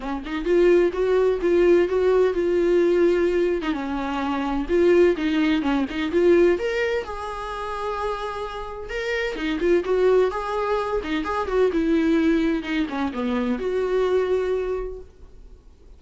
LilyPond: \new Staff \with { instrumentName = "viola" } { \time 4/4 \tempo 4 = 128 cis'8 dis'8 f'4 fis'4 f'4 | fis'4 f'2~ f'8. dis'16 | cis'2 f'4 dis'4 | cis'8 dis'8 f'4 ais'4 gis'4~ |
gis'2. ais'4 | dis'8 f'8 fis'4 gis'4. dis'8 | gis'8 fis'8 e'2 dis'8 cis'8 | b4 fis'2. | }